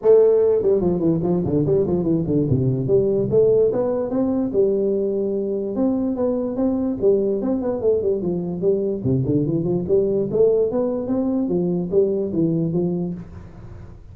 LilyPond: \new Staff \with { instrumentName = "tuba" } { \time 4/4 \tempo 4 = 146 a4. g8 f8 e8 f8 d8 | g8 f8 e8 d8 c4 g4 | a4 b4 c'4 g4~ | g2 c'4 b4 |
c'4 g4 c'8 b8 a8 g8 | f4 g4 c8 d8 e8 f8 | g4 a4 b4 c'4 | f4 g4 e4 f4 | }